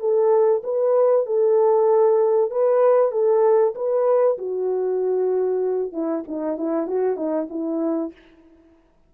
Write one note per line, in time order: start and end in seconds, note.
0.00 0.62 A4
0.64 1.26 B4
1.26 2.51 A4
2.51 3.12 B4
3.12 3.74 A4
3.75 4.38 B4
4.38 5.93 F#4
5.93 6.24 E4
6.28 6.57 D#4
6.57 6.88 E4
6.88 7.16 F#4
7.16 7.48 D#4
7.50 8.12 E4